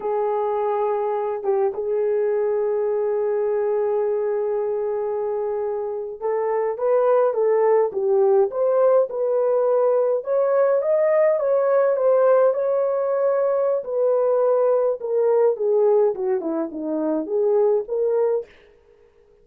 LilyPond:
\new Staff \with { instrumentName = "horn" } { \time 4/4 \tempo 4 = 104 gis'2~ gis'8 g'8 gis'4~ | gis'1~ | gis'2~ gis'8. a'4 b'16~ | b'8. a'4 g'4 c''4 b'16~ |
b'4.~ b'16 cis''4 dis''4 cis''16~ | cis''8. c''4 cis''2~ cis''16 | b'2 ais'4 gis'4 | fis'8 e'8 dis'4 gis'4 ais'4 | }